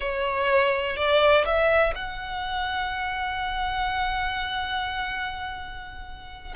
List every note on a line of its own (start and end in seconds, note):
0.00 0.96 C#5
0.96 1.44 D5
1.45 1.93 E5
1.95 6.54 F#5